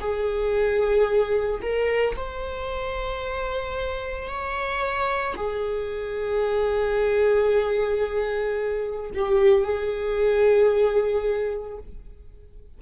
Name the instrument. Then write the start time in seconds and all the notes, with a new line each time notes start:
viola
0.00 G#4
1.62 A#4
2.17 C5
4.28 C#5
5.36 G#4
9.14 G4
9.64 G#4